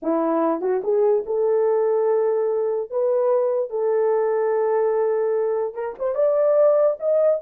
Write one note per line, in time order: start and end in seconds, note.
0.02 0.61 E4
0.61 0.81 F#4
0.83 1.24 G#4
1.26 2.90 A4
2.90 3.70 B4
3.70 5.74 A4
5.74 5.95 A#4
5.98 6.14 C5
6.14 6.97 D5
6.99 7.40 D#5